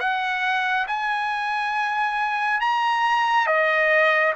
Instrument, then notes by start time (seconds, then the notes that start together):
trumpet
0.00 F#5
0.88 G#5
2.61 A#5
3.47 D#5